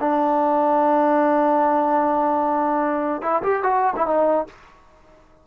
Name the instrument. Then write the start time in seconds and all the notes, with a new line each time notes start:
trombone
0.00 D4
3.22 E4
3.43 G4
3.63 F#4
3.96 E4
4.06 D#4